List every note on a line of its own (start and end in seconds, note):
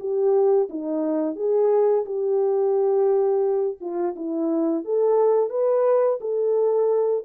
0.00 0.69 G4
0.70 1.36 D#4
1.36 2.05 G#4
2.06 3.78 G4
3.81 4.15 F4
4.16 4.85 E4
4.85 5.50 A4
5.50 6.19 B4
6.21 7.24 A4